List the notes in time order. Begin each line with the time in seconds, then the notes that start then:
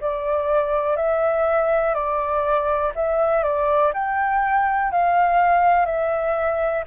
0.00 D5
0.96 E5
1.94 D5
2.95 E5
3.43 D5
3.93 G5
4.91 F5
5.85 E5